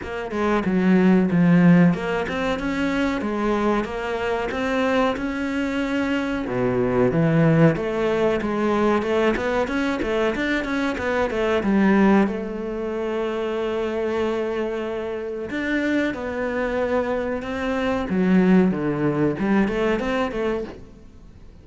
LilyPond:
\new Staff \with { instrumentName = "cello" } { \time 4/4 \tempo 4 = 93 ais8 gis8 fis4 f4 ais8 c'8 | cis'4 gis4 ais4 c'4 | cis'2 b,4 e4 | a4 gis4 a8 b8 cis'8 a8 |
d'8 cis'8 b8 a8 g4 a4~ | a1 | d'4 b2 c'4 | fis4 d4 g8 a8 c'8 a8 | }